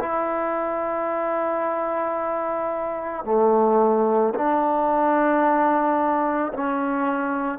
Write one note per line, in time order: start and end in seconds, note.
0.00 3.25 E4
3.25 4.34 A3
4.35 6.53 D4
6.54 7.59 C#4